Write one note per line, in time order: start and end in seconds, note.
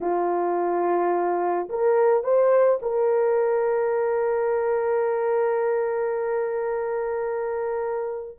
0.00 1.68 F4
1.69 2.23 A#4
2.23 2.79 C5
2.82 8.38 A#4